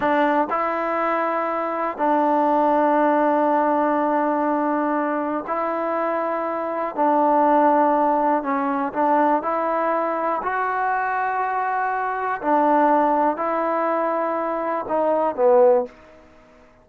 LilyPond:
\new Staff \with { instrumentName = "trombone" } { \time 4/4 \tempo 4 = 121 d'4 e'2. | d'1~ | d'2. e'4~ | e'2 d'2~ |
d'4 cis'4 d'4 e'4~ | e'4 fis'2.~ | fis'4 d'2 e'4~ | e'2 dis'4 b4 | }